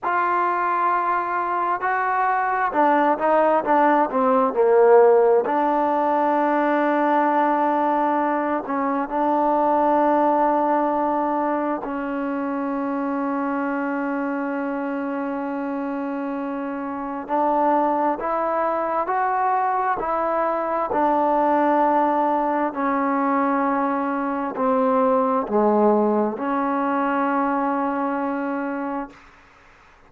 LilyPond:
\new Staff \with { instrumentName = "trombone" } { \time 4/4 \tempo 4 = 66 f'2 fis'4 d'8 dis'8 | d'8 c'8 ais4 d'2~ | d'4. cis'8 d'2~ | d'4 cis'2.~ |
cis'2. d'4 | e'4 fis'4 e'4 d'4~ | d'4 cis'2 c'4 | gis4 cis'2. | }